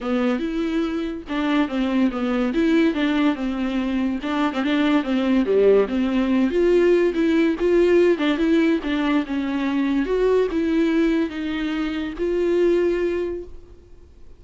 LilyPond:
\new Staff \with { instrumentName = "viola" } { \time 4/4 \tempo 4 = 143 b4 e'2 d'4 | c'4 b4 e'4 d'4 | c'2 d'8. c'16 d'4 | c'4 g4 c'4. f'8~ |
f'4 e'4 f'4. d'8 | e'4 d'4 cis'2 | fis'4 e'2 dis'4~ | dis'4 f'2. | }